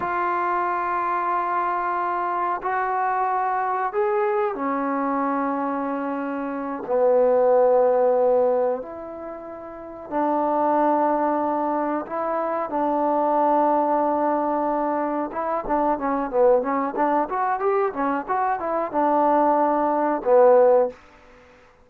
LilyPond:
\new Staff \with { instrumentName = "trombone" } { \time 4/4 \tempo 4 = 92 f'1 | fis'2 gis'4 cis'4~ | cis'2~ cis'8 b4.~ | b4. e'2 d'8~ |
d'2~ d'8 e'4 d'8~ | d'2.~ d'8 e'8 | d'8 cis'8 b8 cis'8 d'8 fis'8 g'8 cis'8 | fis'8 e'8 d'2 b4 | }